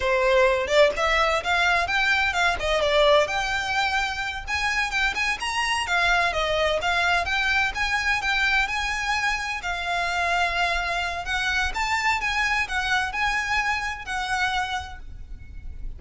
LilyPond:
\new Staff \with { instrumentName = "violin" } { \time 4/4 \tempo 4 = 128 c''4. d''8 e''4 f''4 | g''4 f''8 dis''8 d''4 g''4~ | g''4. gis''4 g''8 gis''8 ais''8~ | ais''8 f''4 dis''4 f''4 g''8~ |
g''8 gis''4 g''4 gis''4.~ | gis''8 f''2.~ f''8 | fis''4 a''4 gis''4 fis''4 | gis''2 fis''2 | }